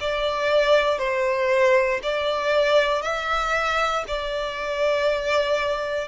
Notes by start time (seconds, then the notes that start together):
0.00 D5
0.98 C5
2.02 D5
3.02 E5
4.07 D5